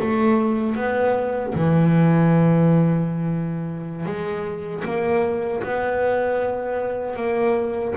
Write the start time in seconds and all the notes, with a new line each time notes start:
0.00 A3
0.76 B3
1.54 E3
4.06 G#3
4.84 A#3
5.63 B3
7.16 A#3